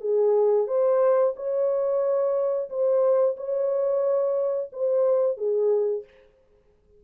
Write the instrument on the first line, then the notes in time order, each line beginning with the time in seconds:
horn
0.00 G#4
0.67 C5
1.35 C#5
2.69 C5
3.36 C#5
4.72 C5
5.37 G#4